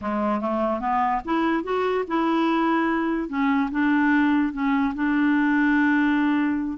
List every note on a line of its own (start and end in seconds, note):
0.01 0.40 G#3
0.40 0.80 A3
0.80 1.21 B3
1.24 1.63 E4
1.63 2.04 F#4
2.07 3.28 E4
3.28 3.69 C#4
3.71 4.52 D4
4.52 4.93 C#4
4.94 6.78 D4